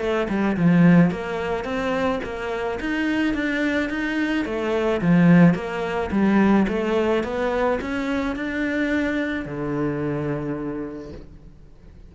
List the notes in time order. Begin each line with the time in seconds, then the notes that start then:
0.00 A3
0.29 G3
0.57 F3
1.11 A#3
1.65 C4
2.24 A#3
2.80 D#4
3.34 D4
3.90 D#4
4.45 A3
5.01 F3
5.55 A#3
6.11 G3
6.68 A3
7.24 B3
7.82 C#4
8.36 D4
9.45 D3